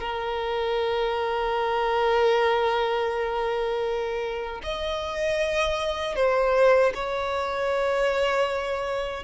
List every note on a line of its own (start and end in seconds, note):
0.00 4.62 A#4
4.63 6.16 D#5
6.16 6.93 C5
6.94 9.24 C#5